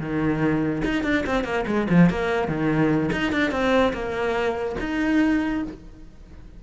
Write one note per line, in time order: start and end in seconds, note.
0.00 0.83 D#3
0.85 1.04 D#4
1.04 1.24 D4
1.27 1.45 C4
1.45 1.65 A#3
1.67 1.88 G#3
1.90 2.10 F3
2.10 2.48 A#3
2.48 3.11 D#3
3.13 3.33 D#4
3.33 3.52 D4
3.52 3.93 C4
3.93 4.76 A#3
4.81 5.64 D#4